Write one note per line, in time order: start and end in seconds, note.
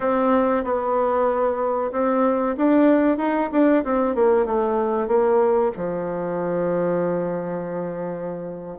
0.00 0.64 C4
0.64 1.91 B3
1.91 2.55 C4
2.57 3.17 D4
3.17 3.49 D#4
3.52 3.84 D4
3.84 4.15 C4
4.15 4.45 A#3
4.45 5.07 A3
5.07 5.71 A#3
5.76 8.79 F3